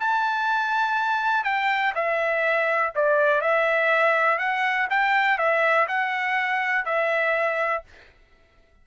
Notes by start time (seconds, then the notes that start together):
0.00 A5
1.44 G5
1.95 E5
2.96 D5
3.42 E5
4.39 F#5
4.90 G5
5.38 E5
5.89 F#5
6.86 E5